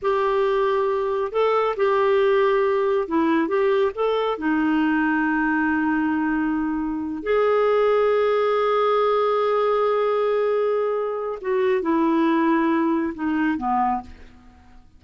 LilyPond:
\new Staff \with { instrumentName = "clarinet" } { \time 4/4 \tempo 4 = 137 g'2. a'4 | g'2. e'4 | g'4 a'4 dis'2~ | dis'1~ |
dis'8 gis'2.~ gis'8~ | gis'1~ | gis'2 fis'4 e'4~ | e'2 dis'4 b4 | }